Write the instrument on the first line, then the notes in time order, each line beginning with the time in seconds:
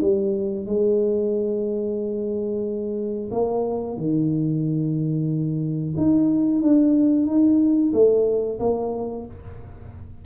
tuba
0.00 G3
0.66 G#3
3.31 A#3
3.97 D#3
5.96 D#4
6.61 D4
7.26 D#4
7.93 A3
8.59 A#3